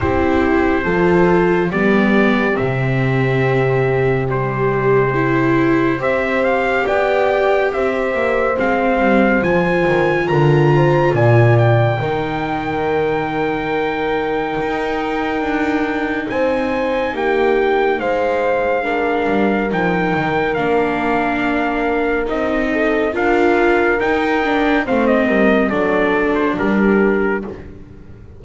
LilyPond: <<
  \new Staff \with { instrumentName = "trumpet" } { \time 4/4 \tempo 4 = 70 c''2 d''4 e''4~ | e''4 c''2 e''8 f''8 | g''4 e''4 f''4 gis''4 | ais''4 gis''8 g''2~ g''8~ |
g''2. gis''4 | g''4 f''2 g''4 | f''2 dis''4 f''4 | g''4 f''16 dis''8. d''8. c''16 ais'4 | }
  \new Staff \with { instrumentName = "horn" } { \time 4/4 g'4 a'4 g'2~ | g'2. c''4 | d''4 c''2. | ais'8 c''8 d''4 ais'2~ |
ais'2. c''4 | g'4 c''4 ais'2~ | ais'2~ ais'8 a'8 ais'4~ | ais'4 c''8 ais'8 a'4 g'4 | }
  \new Staff \with { instrumentName = "viola" } { \time 4/4 e'4 f'4 b4 c'4~ | c'4 g4 e'4 g'4~ | g'2 c'4 f'4~ | f'2 dis'2~ |
dis'1~ | dis'2 d'4 dis'4 | d'2 dis'4 f'4 | dis'8 d'8 c'4 d'2 | }
  \new Staff \with { instrumentName = "double bass" } { \time 4/4 c'4 f4 g4 c4~ | c2. c'4 | b4 c'8 ais8 gis8 g8 f8 dis8 | d4 ais,4 dis2~ |
dis4 dis'4 d'4 c'4 | ais4 gis4. g8 f8 dis8 | ais2 c'4 d'4 | dis'4 a8 g8 fis4 g4 | }
>>